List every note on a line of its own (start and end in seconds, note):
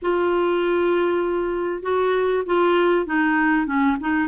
0.01 1.82 F4
1.82 2.43 F#4
2.45 3.06 F4
3.06 3.66 D#4
3.66 3.96 C#4
4.00 4.28 D#4